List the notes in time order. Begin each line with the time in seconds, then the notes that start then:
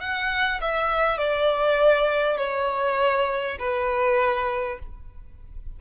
0.00 F#5
0.61 E5
1.18 D5
2.37 C#5
3.59 B4